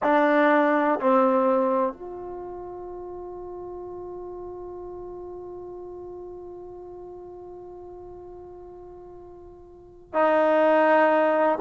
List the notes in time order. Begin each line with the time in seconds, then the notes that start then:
0.03 D4
1.00 C4
1.93 F4
10.13 D#4